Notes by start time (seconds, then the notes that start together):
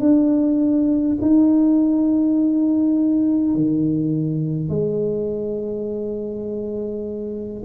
0.00 D4
1.22 D#4
3.55 D#3
4.69 G#3